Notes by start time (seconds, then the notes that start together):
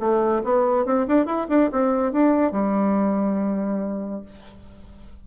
0.00 A3
0.44 B3
0.86 C4
1.08 D4
1.26 E4
1.50 D4
1.72 C4
2.13 D4
2.52 G3